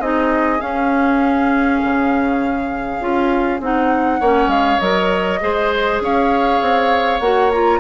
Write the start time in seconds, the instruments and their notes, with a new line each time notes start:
0.00 bassoon C4, clarinet D#4, oboe G#4, flute D#5
0.59 clarinet C#4, bassoon C#4, flute F5
1.83 bassoon C#3
3.00 bassoon C#4, clarinet F4
3.60 bassoon C4, clarinet D#4, flute F#5
4.20 bassoon A#3, clarinet C#4, oboe C#5
4.47 bassoon G#3, flute F5
4.79 bassoon F#3, clarinet A#4, flute D#5
5.41 bassoon G#3, clarinet G#4, oboe C5
6.01 bassoon C#4, oboe C#5, flute F5
6.61 bassoon C4
7.20 bassoon A#3, clarinet F#4, flute F#5
7.51 clarinet F4, flute A#5